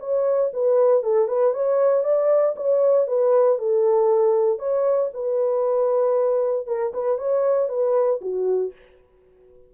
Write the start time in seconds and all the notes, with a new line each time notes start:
0.00 C#5
0.54 B4
1.04 A4
1.28 B4
1.54 C#5
2.04 D5
2.56 C#5
3.08 B4
3.59 A4
4.59 C#5
5.14 B4
6.67 A#4
6.94 B4
7.18 C#5
7.69 B4
8.22 F#4